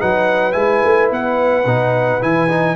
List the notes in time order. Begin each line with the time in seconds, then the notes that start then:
0.00 F#3 D#4 B4 F#5
0.52 G#3 E4 G#5
0.84 A3
1.11 B3 F#5
1.66 B2 D#4
2.21 E3 E4 G#5
2.50 D#4